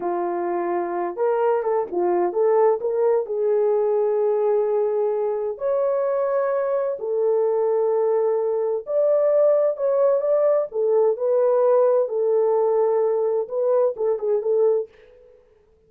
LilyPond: \new Staff \with { instrumentName = "horn" } { \time 4/4 \tempo 4 = 129 f'2~ f'8 ais'4 a'8 | f'4 a'4 ais'4 gis'4~ | gis'1 | cis''2. a'4~ |
a'2. d''4~ | d''4 cis''4 d''4 a'4 | b'2 a'2~ | a'4 b'4 a'8 gis'8 a'4 | }